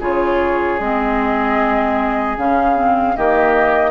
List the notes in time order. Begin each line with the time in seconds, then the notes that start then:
0.00 C#3 F4 G#4 C#5
0.79 G#3 C4 D#5
2.37 C#3 C#4 F5
2.76 C4
3.16 D#3 A#3 G4 D#5